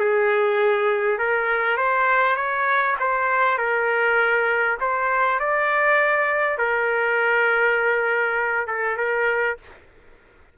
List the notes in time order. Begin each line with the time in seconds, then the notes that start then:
0.00 G#4
1.19 A#4
1.77 C5
2.36 C#5
3.00 C5
3.58 A#4
4.81 C5
5.40 D5
6.58 A#4
8.67 A4
8.97 A#4